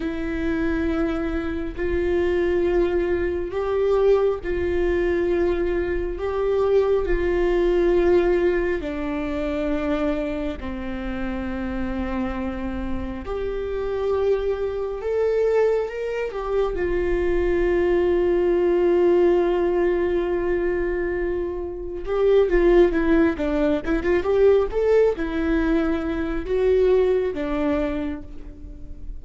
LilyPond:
\new Staff \with { instrumentName = "viola" } { \time 4/4 \tempo 4 = 68 e'2 f'2 | g'4 f'2 g'4 | f'2 d'2 | c'2. g'4~ |
g'4 a'4 ais'8 g'8 f'4~ | f'1~ | f'4 g'8 f'8 e'8 d'8 e'16 f'16 g'8 | a'8 e'4. fis'4 d'4 | }